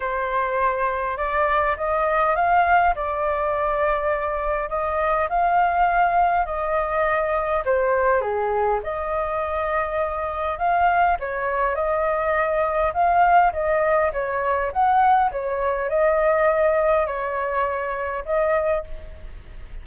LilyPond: \new Staff \with { instrumentName = "flute" } { \time 4/4 \tempo 4 = 102 c''2 d''4 dis''4 | f''4 d''2. | dis''4 f''2 dis''4~ | dis''4 c''4 gis'4 dis''4~ |
dis''2 f''4 cis''4 | dis''2 f''4 dis''4 | cis''4 fis''4 cis''4 dis''4~ | dis''4 cis''2 dis''4 | }